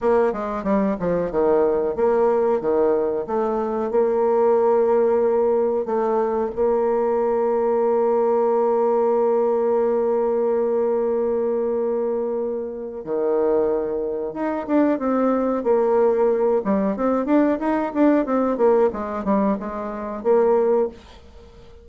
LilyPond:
\new Staff \with { instrumentName = "bassoon" } { \time 4/4 \tempo 4 = 92 ais8 gis8 g8 f8 dis4 ais4 | dis4 a4 ais2~ | ais4 a4 ais2~ | ais1~ |
ais1 | dis2 dis'8 d'8 c'4 | ais4. g8 c'8 d'8 dis'8 d'8 | c'8 ais8 gis8 g8 gis4 ais4 | }